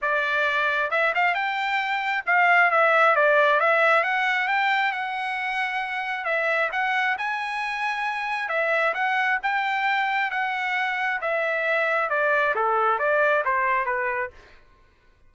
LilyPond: \new Staff \with { instrumentName = "trumpet" } { \time 4/4 \tempo 4 = 134 d''2 e''8 f''8 g''4~ | g''4 f''4 e''4 d''4 | e''4 fis''4 g''4 fis''4~ | fis''2 e''4 fis''4 |
gis''2. e''4 | fis''4 g''2 fis''4~ | fis''4 e''2 d''4 | a'4 d''4 c''4 b'4 | }